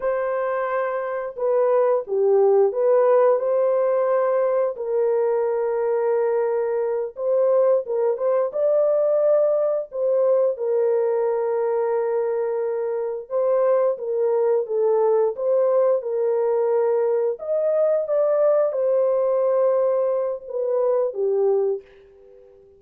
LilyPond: \new Staff \with { instrumentName = "horn" } { \time 4/4 \tempo 4 = 88 c''2 b'4 g'4 | b'4 c''2 ais'4~ | ais'2~ ais'8 c''4 ais'8 | c''8 d''2 c''4 ais'8~ |
ais'2.~ ais'8 c''8~ | c''8 ais'4 a'4 c''4 ais'8~ | ais'4. dis''4 d''4 c''8~ | c''2 b'4 g'4 | }